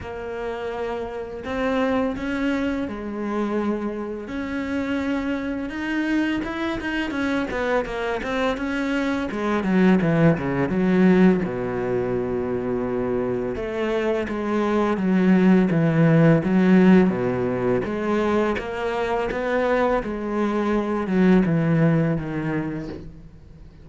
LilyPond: \new Staff \with { instrumentName = "cello" } { \time 4/4 \tempo 4 = 84 ais2 c'4 cis'4 | gis2 cis'2 | dis'4 e'8 dis'8 cis'8 b8 ais8 c'8 | cis'4 gis8 fis8 e8 cis8 fis4 |
b,2. a4 | gis4 fis4 e4 fis4 | b,4 gis4 ais4 b4 | gis4. fis8 e4 dis4 | }